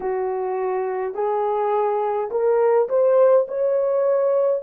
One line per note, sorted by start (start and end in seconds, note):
0.00 1.14 F#4
1.14 2.30 G#4
2.30 2.88 A#4
2.88 3.46 C5
3.48 4.62 C#5